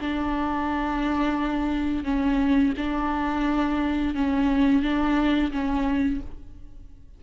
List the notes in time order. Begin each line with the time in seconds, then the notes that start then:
0.00 D4
2.04 C#4
2.77 D4
4.15 C#4
4.82 D4
5.51 C#4